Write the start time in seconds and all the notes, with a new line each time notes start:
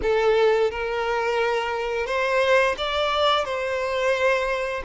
0.02 A4
0.71 A#4
2.06 C5
2.77 D5
3.45 C5